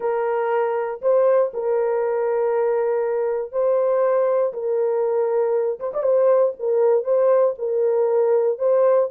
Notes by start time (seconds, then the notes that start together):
0.00 A#4
1.01 C5
1.53 A#4
3.52 C5
4.53 A#4
5.79 C5
5.93 D5
6.03 C5
6.59 A#4
7.04 C5
7.58 A#4
8.58 C5